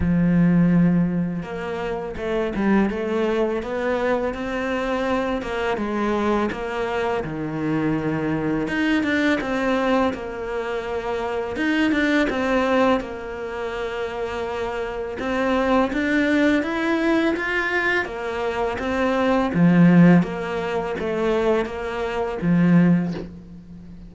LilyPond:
\new Staff \with { instrumentName = "cello" } { \time 4/4 \tempo 4 = 83 f2 ais4 a8 g8 | a4 b4 c'4. ais8 | gis4 ais4 dis2 | dis'8 d'8 c'4 ais2 |
dis'8 d'8 c'4 ais2~ | ais4 c'4 d'4 e'4 | f'4 ais4 c'4 f4 | ais4 a4 ais4 f4 | }